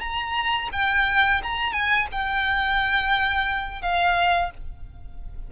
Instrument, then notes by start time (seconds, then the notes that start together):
violin
0.00 A#5
0.72 G5
1.43 A#5
1.72 G#5
2.12 G5
3.82 F5